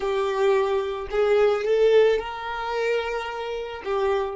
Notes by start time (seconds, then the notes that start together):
0.00 G4
1.10 G#4
1.65 A4
2.18 A#4
3.84 G4